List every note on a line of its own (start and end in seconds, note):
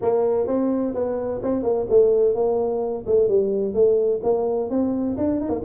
0.01 0.47 A#3
0.47 0.94 C4
0.94 1.41 B3
1.43 1.63 C4
1.63 1.86 A#3
1.89 2.34 A3
2.34 3.05 A#3
3.06 3.28 A3
3.28 3.74 G3
3.74 4.20 A3
4.23 4.69 A#3
4.69 5.16 C4
5.17 5.40 D4
5.40 5.49 D#4
5.49 5.60 A#3